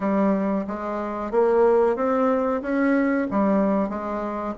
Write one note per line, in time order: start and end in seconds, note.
0.00 0.65 G3
0.67 1.31 G#3
1.31 1.96 A#3
1.96 2.61 C4
2.61 3.27 C#4
3.31 3.89 G3
3.89 4.54 G#3